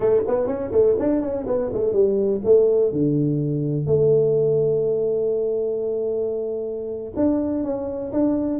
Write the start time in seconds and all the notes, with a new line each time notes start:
0.00 A3
0.27 B3
0.47 C#4
0.71 A3
0.98 D4
1.21 C#4
1.46 B3
1.73 A3
1.92 G3
2.44 A3
2.92 D3
3.86 A3
7.16 D4
7.63 C#4
8.12 D4